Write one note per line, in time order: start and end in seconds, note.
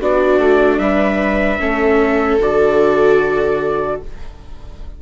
0.00 0.38 B3
0.00 1.60 D4
0.00 0.80 F#4
0.00 0.79 D5
0.38 0.78 A3
0.78 1.58 G3
0.78 1.60 B4
0.78 2.39 E5
1.60 2.40 A3
1.60 2.40 C#4
1.60 4.02 A4
2.40 4.00 D3
2.40 4.01 F#4
2.40 4.02 D5